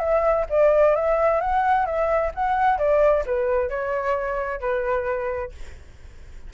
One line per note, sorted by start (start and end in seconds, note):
0.00 0.46 E5
0.50 0.96 D5
0.96 1.41 E5
1.41 1.86 F#5
1.86 2.32 E5
2.35 2.79 F#5
2.79 3.25 D5
3.26 3.70 B4
3.70 4.61 C#5
4.61 5.52 B4